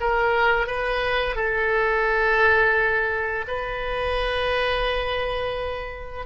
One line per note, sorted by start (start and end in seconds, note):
0.00 0.67 A#4
0.67 1.35 B4
1.35 3.45 A4
3.47 6.25 B4